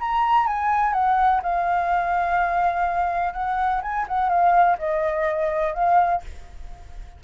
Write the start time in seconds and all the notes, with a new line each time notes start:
0.00 A#5
0.47 G#5
0.93 F#5
1.43 F5
3.33 F#5
3.82 G#5
4.08 F#5
4.29 F5
4.78 D#5
5.74 F5